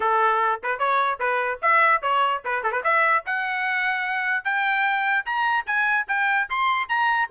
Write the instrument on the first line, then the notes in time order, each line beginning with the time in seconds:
trumpet
0.00 A4
0.63 B4
0.78 C#5
1.19 B4
1.61 E5
2.02 C#5
2.44 B4
2.63 A4
2.72 B4
2.83 E5
3.26 F#5
4.44 G5
5.25 A#5
5.66 G#5
6.08 G5
6.49 C6
6.88 A#5